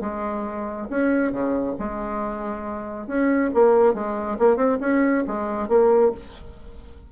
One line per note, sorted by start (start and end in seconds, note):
0.00 0.87 G#3
0.90 1.31 C#4
1.31 1.75 C#3
1.79 3.07 G#3
3.07 3.50 C#4
3.54 3.93 A#3
3.93 4.37 G#3
4.38 4.56 A#3
4.56 4.78 C4
4.80 5.23 C#4
5.27 5.68 G#3
5.68 6.11 A#3